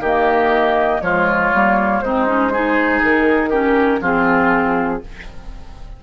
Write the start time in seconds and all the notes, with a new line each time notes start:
0.00 D#3 A#3 G4 D#5
1.02 F3 G#3 F4 C#5
1.54 G3 A#3
2.01 G#3 C4 D#4 C5
2.27 C#4
2.53 D#4 G#4
3.03 D#3 A#4
3.50 C#4 G4
4.01 F3 C4 F4 G#4